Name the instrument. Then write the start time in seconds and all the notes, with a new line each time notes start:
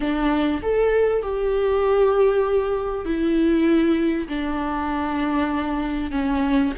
viola
0.00 D4
0.62 A4
1.22 G4
3.05 E4
4.28 D4
6.11 C#4